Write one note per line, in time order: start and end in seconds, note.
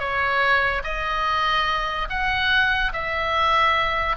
0.00 0.83 C#5
0.84 2.08 D#5
2.10 2.93 F#5
2.93 4.17 E5